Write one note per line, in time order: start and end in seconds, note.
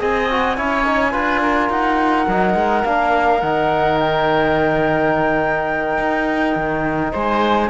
0.00 0.57 C4
0.00 0.29 G#4
0.00 0.57 D#5
0.00 1.70 G#5
0.30 0.57 F#4
0.57 1.14 C#4
0.57 0.85 E4
0.57 1.12 C#5
0.85 1.12 D#4
1.12 1.69 D4
1.12 2.26 F4
1.12 1.41 B4
1.42 7.12 A#4
1.69 2.27 D#4
1.69 2.85 F#5
2.27 2.55 F#3
2.27 2.85 D#4
2.55 2.83 G#3
2.85 3.42 A#3
2.85 3.42 D4
2.85 3.41 F5
3.41 5.98 D#3
3.41 7.70 D#4
3.41 3.98 F#5
3.98 7.13 G5
5.98 6.55 D#4
6.55 7.12 D#3
7.12 7.70 G#3
7.12 7.69 C5
7.12 7.70 G#5